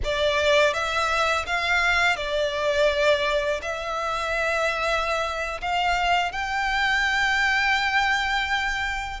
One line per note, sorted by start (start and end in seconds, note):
0.04 0.73 D5
0.73 1.45 E5
1.46 2.16 F5
2.16 3.60 D5
3.62 5.61 E5
5.61 6.32 F5
6.32 9.20 G5